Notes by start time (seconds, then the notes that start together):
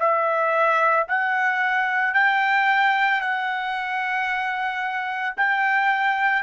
0.00 E5
1.09 F#5
2.15 G5
3.21 F#5
5.37 G5